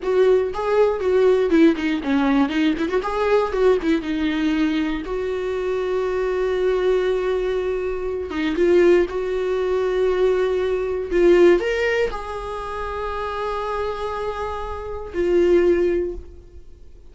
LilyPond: \new Staff \with { instrumentName = "viola" } { \time 4/4 \tempo 4 = 119 fis'4 gis'4 fis'4 e'8 dis'8 | cis'4 dis'8 e'16 fis'16 gis'4 fis'8 e'8 | dis'2 fis'2~ | fis'1~ |
fis'8 dis'8 f'4 fis'2~ | fis'2 f'4 ais'4 | gis'1~ | gis'2 f'2 | }